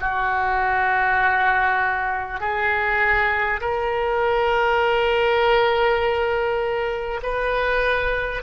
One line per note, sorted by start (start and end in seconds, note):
0.00 2.40 F#4
2.40 3.60 G#4
3.61 7.21 A#4
7.22 8.42 B4